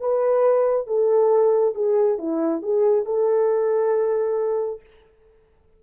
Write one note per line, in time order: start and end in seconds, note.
0.00 0.87 B4
0.87 1.74 A4
1.74 2.18 G#4
2.18 2.62 E4
2.62 3.05 G#4
3.05 4.80 A4